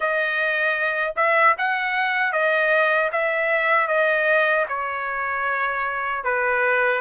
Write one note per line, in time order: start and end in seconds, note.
0.00 1.13 D#5
1.16 1.55 E5
1.58 2.32 F#5
2.32 3.10 D#5
3.12 3.87 E5
3.87 4.65 D#5
4.68 6.23 C#5
6.23 7.01 B4